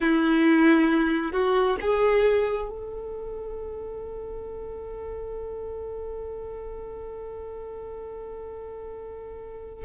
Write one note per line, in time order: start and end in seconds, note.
0.00 1.31 E4
1.31 1.76 F#4
1.80 2.69 G#4
2.69 9.85 A4